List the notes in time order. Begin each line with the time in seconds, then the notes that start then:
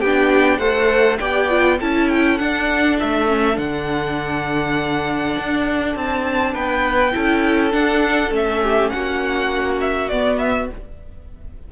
0.00 B3 D4 G4 G5
0.58 A3 A4 C5 F#5
1.19 B3 G4 D5 G5
1.49 F4
1.79 C#4 E4 A4 A5
2.09 G5
2.38 D4 F#5
3.00 A3 E5
3.27 C#4
3.53 D3 D4 F#5
5.38 D4
5.95 C4 A5
6.54 B3 B4 G5
7.12 C#4 E4 A4
7.71 D4 F#5
8.31 A3 C#4 E5
8.62 G4
8.89 A#3 F#4 F#5
9.80 E5
10.09 B3 D5
10.38 E5